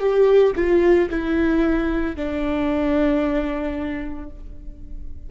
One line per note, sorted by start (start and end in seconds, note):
0.00 0.54 G4
0.56 1.09 F4
1.10 2.16 E4
2.16 4.30 D4